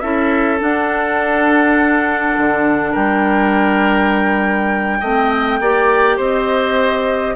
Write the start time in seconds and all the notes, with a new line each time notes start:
0.00 C#4 E4 A4 E5
0.59 D4 F#5
2.38 D3
2.92 G3 A#4 G5
5.01 A3 C4 D#5
5.61 A#3 G4 D5
6.17 C4 C5 D#5